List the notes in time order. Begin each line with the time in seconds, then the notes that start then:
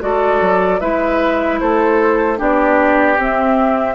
0.00 G#3 F#4 A4 D5
0.41 F#3
0.80 G#3 E4 B4 E5
1.60 A3 A4 C5
2.37 B3 D4 G4 D5
3.18 C4 E5